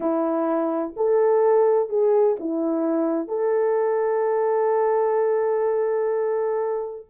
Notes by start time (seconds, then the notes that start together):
0.00 E4
0.96 A4
1.89 G#4
2.39 E4
3.27 A4